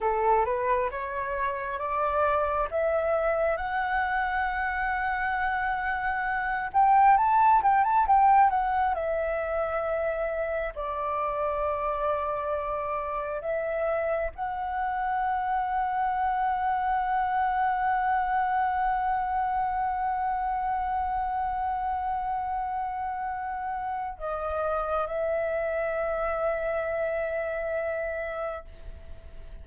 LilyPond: \new Staff \with { instrumentName = "flute" } { \time 4/4 \tempo 4 = 67 a'8 b'8 cis''4 d''4 e''4 | fis''2.~ fis''8 g''8 | a''8 g''16 a''16 g''8 fis''8 e''2 | d''2. e''4 |
fis''1~ | fis''1~ | fis''2. dis''4 | e''1 | }